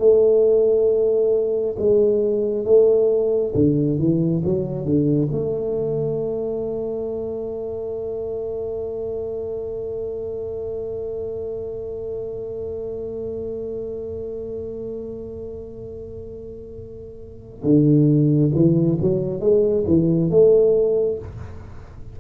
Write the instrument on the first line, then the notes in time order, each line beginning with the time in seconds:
tuba
0.00 A3
1.79 G#3
2.66 A3
3.55 D3
3.99 E3
4.45 F#3
4.85 D3
5.32 A3
17.64 D3
18.55 E3
19.01 F#3
19.41 G#3
19.88 E3
20.31 A3